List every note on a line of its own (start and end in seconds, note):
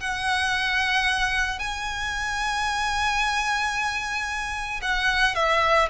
0.00 1.59 F#5
1.59 4.80 G#5
4.82 5.35 F#5
5.35 5.88 E5